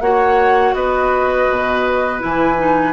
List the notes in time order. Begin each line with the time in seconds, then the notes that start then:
0.00 A#3 F#4 C#5 F#5
0.74 B3 B4 D#5
1.50 B2
2.19 E3 E4 G#5
2.58 D#4